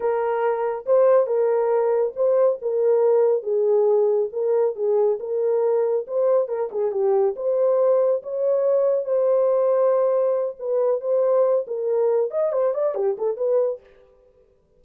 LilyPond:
\new Staff \with { instrumentName = "horn" } { \time 4/4 \tempo 4 = 139 ais'2 c''4 ais'4~ | ais'4 c''4 ais'2 | gis'2 ais'4 gis'4 | ais'2 c''4 ais'8 gis'8 |
g'4 c''2 cis''4~ | cis''4 c''2.~ | c''8 b'4 c''4. ais'4~ | ais'8 dis''8 c''8 d''8 g'8 a'8 b'4 | }